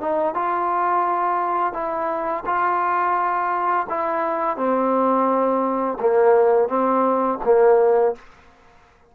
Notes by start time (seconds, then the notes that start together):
0.00 D#4
0.34 F4
1.73 E4
2.45 F4
3.89 E4
4.56 C4
6.00 A#3
6.68 C4
7.44 A#3